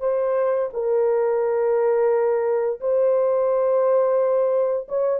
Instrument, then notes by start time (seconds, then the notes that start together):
horn
0.00 C5
0.73 A#4
2.80 C5
4.88 C#5